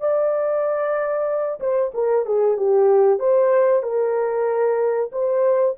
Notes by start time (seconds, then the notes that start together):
0.00 D5
1.60 C5
1.94 A#4
2.25 G#4
2.57 G4
3.19 C5
3.82 A#4
5.12 C5